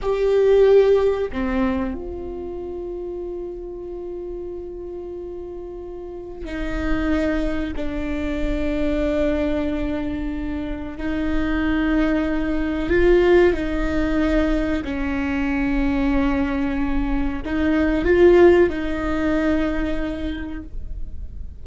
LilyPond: \new Staff \with { instrumentName = "viola" } { \time 4/4 \tempo 4 = 93 g'2 c'4 f'4~ | f'1~ | f'2 dis'2 | d'1~ |
d'4 dis'2. | f'4 dis'2 cis'4~ | cis'2. dis'4 | f'4 dis'2. | }